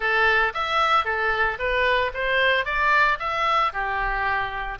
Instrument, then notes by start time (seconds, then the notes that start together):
oboe
0.00 A4
0.54 E5
1.04 A4
1.58 B4
2.14 C5
2.65 D5
3.19 E5
3.72 G4